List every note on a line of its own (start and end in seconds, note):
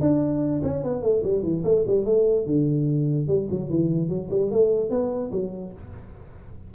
0.00 0.61 D4
0.63 0.83 C#4
0.83 1.02 B3
1.02 1.22 A3
1.23 1.43 G3
1.43 1.63 E3
1.64 1.84 A3
1.87 2.05 G3
2.05 2.46 A3
2.46 3.27 D3
3.27 3.48 G3
3.50 3.69 F#3
3.69 4.09 E3
4.09 4.29 F#3
4.30 4.50 G3
4.50 4.90 A3
4.90 5.31 B3
5.32 5.72 F#3